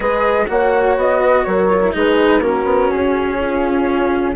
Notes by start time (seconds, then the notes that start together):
0.00 G#3 G#4 B4 D#5
0.47 A#3 F#4 C#5 F#5
0.96 B3 D#5
1.21 B4
1.44 F#3 A#4 C#5
1.69 F4
1.82 E4
1.93 G#3 D#4 G#4 B4
2.39 A#3 C#4 F#4 A#4
2.64 B3
2.90 C#4 G#4
3.40 F4